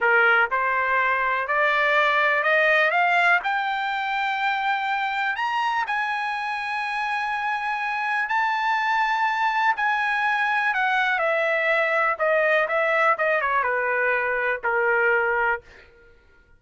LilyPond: \new Staff \with { instrumentName = "trumpet" } { \time 4/4 \tempo 4 = 123 ais'4 c''2 d''4~ | d''4 dis''4 f''4 g''4~ | g''2. ais''4 | gis''1~ |
gis''4 a''2. | gis''2 fis''4 e''4~ | e''4 dis''4 e''4 dis''8 cis''8 | b'2 ais'2 | }